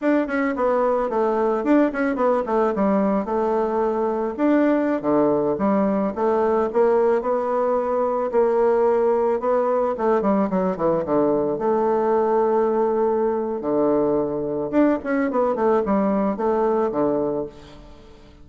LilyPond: \new Staff \with { instrumentName = "bassoon" } { \time 4/4 \tempo 4 = 110 d'8 cis'8 b4 a4 d'8 cis'8 | b8 a8 g4 a2 | d'4~ d'16 d4 g4 a8.~ | a16 ais4 b2 ais8.~ |
ais4~ ais16 b4 a8 g8 fis8 e16~ | e16 d4 a2~ a8.~ | a4 d2 d'8 cis'8 | b8 a8 g4 a4 d4 | }